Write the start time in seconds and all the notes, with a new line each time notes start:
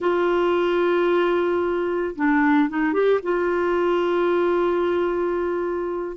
0.00 F4
2.15 D4
2.69 D#4
2.93 G4
3.23 F4